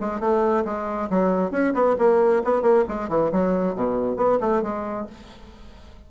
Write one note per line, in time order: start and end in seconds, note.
0.00 0.20 G#3
0.20 0.64 A3
0.65 1.09 G#3
1.10 1.51 F#3
1.51 1.73 C#4
1.74 1.96 B3
1.98 2.43 A#3
2.44 2.62 B3
2.62 2.84 A#3
2.88 3.09 G#3
3.09 3.31 E3
3.32 3.75 F#3
3.75 4.16 B2
4.16 4.38 B3
4.40 4.62 A3
4.62 5.06 G#3